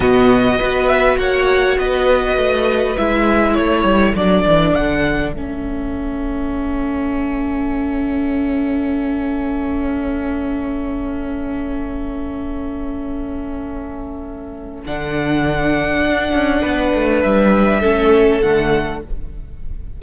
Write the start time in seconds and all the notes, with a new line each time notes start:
0.00 B2 B3 F#4 D#5
0.58 B3 F#4 B4
0.87 E5
1.18 A#3 C#5 F#5
1.78 B3 B4 D#5
2.36 A3
2.97 G#3 E4 E5
3.54 A3 A4 C#5
3.83 G3
4.15 F#3 D4 D5
4.46 E3
4.74 D3 F#5
5.32 A3 C#4 E5
14.86 D3 D4 F#5
16.06 D4
16.33 C#4
16.61 B3 B4
16.94 A3
17.21 G3 E5
17.80 A3 C#4 A4
18.41 D3 A3 F#5